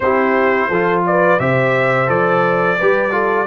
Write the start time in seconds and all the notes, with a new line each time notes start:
0.00 C4 E4 G4 C5
0.68 F3 F4 A4
1.06 B4 D5
1.39 C3 G4 C5 E5
2.07 F3 A4 D5
2.78 G3 G4 B4
3.11 F4 A4